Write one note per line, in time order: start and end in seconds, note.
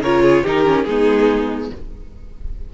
0.00 0.43 C#3
0.00 0.45 F4
0.00 0.23 A#4
0.00 0.46 C#5
0.23 0.43 G#4
0.43 0.86 D#3
0.43 0.65 D#4
0.43 0.85 G4
0.43 0.83 A#4
0.65 0.87 C#4
0.83 1.71 G#3
0.83 1.74 B3
0.83 1.74 D#4
0.83 1.68 G#4